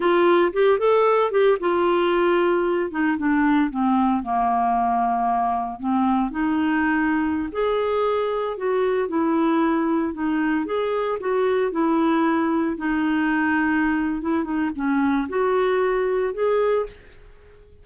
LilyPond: \new Staff \with { instrumentName = "clarinet" } { \time 4/4 \tempo 4 = 114 f'4 g'8 a'4 g'8 f'4~ | f'4. dis'8 d'4 c'4 | ais2. c'4 | dis'2~ dis'16 gis'4.~ gis'16~ |
gis'16 fis'4 e'2 dis'8.~ | dis'16 gis'4 fis'4 e'4.~ e'16~ | e'16 dis'2~ dis'8. e'8 dis'8 | cis'4 fis'2 gis'4 | }